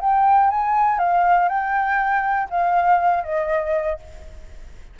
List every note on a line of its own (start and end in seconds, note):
0.00 0.50 G5
0.50 0.98 G#5
0.98 1.48 F5
1.48 2.48 G5
2.50 3.24 F5
3.24 3.99 D#5